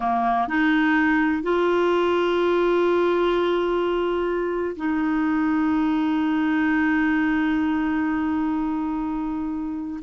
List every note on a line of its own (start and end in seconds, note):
0.00 0.48 A#3
0.48 1.42 D#4
1.42 4.76 F4
4.76 10.00 D#4